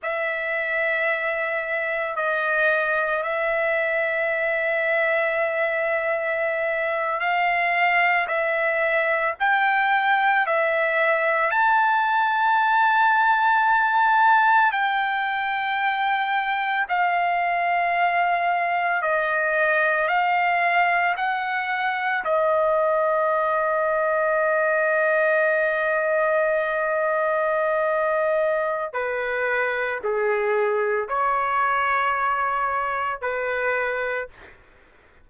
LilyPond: \new Staff \with { instrumentName = "trumpet" } { \time 4/4 \tempo 4 = 56 e''2 dis''4 e''4~ | e''2~ e''8. f''4 e''16~ | e''8. g''4 e''4 a''4~ a''16~ | a''4.~ a''16 g''2 f''16~ |
f''4.~ f''16 dis''4 f''4 fis''16~ | fis''8. dis''2.~ dis''16~ | dis''2. b'4 | gis'4 cis''2 b'4 | }